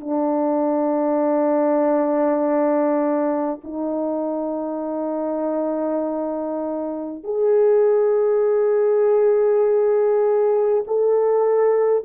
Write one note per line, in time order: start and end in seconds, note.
0.00 3.60 D4
3.63 7.23 D#4
7.24 10.84 G#4
10.87 12.04 A4